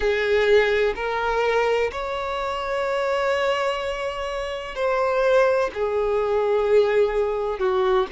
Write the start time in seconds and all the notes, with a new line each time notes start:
0.00 G#4
0.95 A#4
1.92 C#5
4.74 C5
5.74 G#4
7.59 F#4